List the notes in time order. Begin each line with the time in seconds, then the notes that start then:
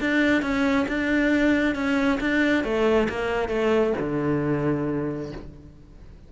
0.00 D4
0.42 C#4
0.88 D4
1.75 C#4
2.20 D4
2.64 A3
3.09 A#3
3.49 A3
3.99 D3